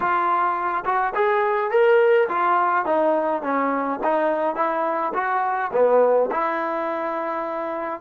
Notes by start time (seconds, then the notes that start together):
0.00 F4
0.85 F#4
1.14 G#4
1.71 A#4
2.29 F4
2.85 D#4
3.42 C#4
4.03 D#4
4.55 E4
5.14 F#4
5.72 B3
6.31 E4